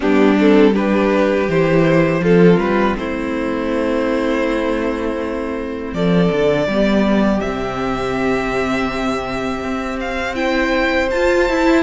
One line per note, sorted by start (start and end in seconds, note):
0.00 1.48 G3
0.00 0.37 B3
0.00 0.73 D4
0.00 0.38 G4
0.37 0.74 C4
0.37 0.75 A4
0.73 1.48 D4
0.73 2.21 G4
0.73 1.49 B4
1.48 2.20 E3
1.48 2.23 E4
1.48 2.23 C5
2.20 2.57 F3
2.20 6.70 C4
2.20 2.97 F4
2.20 2.59 A4
2.58 2.95 G3
2.58 2.96 B4
2.96 5.93 A3
2.96 5.94 E4
2.96 5.94 C5
5.93 6.30 F3
5.93 6.68 A4
5.93 7.40 D5
6.31 6.67 D3
6.67 7.41 G3
6.67 7.42 B3
6.67 10.36 G4
7.40 9.63 C3
7.40 10.35 C4
7.40 9.99 E5
9.63 11.11 C4
10.00 10.35 F5
10.35 11.09 E4
10.35 11.83 C5
10.35 11.09 G5
11.10 11.48 F4
11.10 11.49 F4
11.10 11.83 A5
11.48 11.83 E4